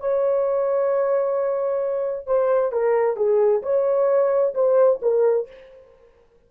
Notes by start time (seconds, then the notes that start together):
0.00 C#5
2.26 C5
2.72 A#4
3.16 G#4
3.62 C#5
4.54 C5
5.02 A#4